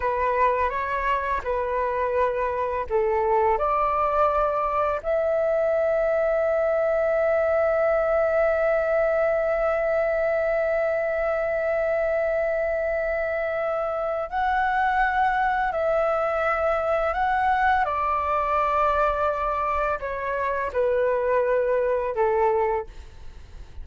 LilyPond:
\new Staff \with { instrumentName = "flute" } { \time 4/4 \tempo 4 = 84 b'4 cis''4 b'2 | a'4 d''2 e''4~ | e''1~ | e''1~ |
e''1 | fis''2 e''2 | fis''4 d''2. | cis''4 b'2 a'4 | }